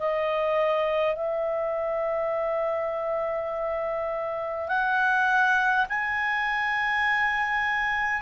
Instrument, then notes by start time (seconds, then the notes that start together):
clarinet
0.00 D#5
1.16 E5
4.69 F#5
5.89 G#5